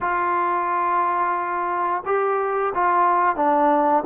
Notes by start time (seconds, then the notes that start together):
0.00 F4
2.05 G4
2.74 F4
3.36 D4